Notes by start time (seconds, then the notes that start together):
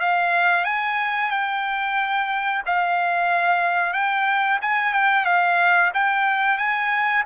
0.00 F5
0.64 G#5
1.31 G5
2.66 F5
3.94 G5
4.62 G#5
4.94 G5
5.25 F5
5.94 G5
6.58 G#5